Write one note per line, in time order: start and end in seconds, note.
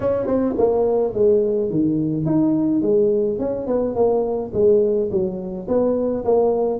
0.00 0.26 C#4
0.26 0.54 C4
0.57 1.13 A#3
1.13 1.70 G#3
1.70 2.25 D#3
2.25 2.82 D#4
2.82 3.38 G#3
3.38 3.66 C#4
3.66 3.95 B3
3.95 4.52 A#3
4.53 5.10 G#3
5.11 5.67 F#3
5.68 6.24 B3
6.24 6.79 A#3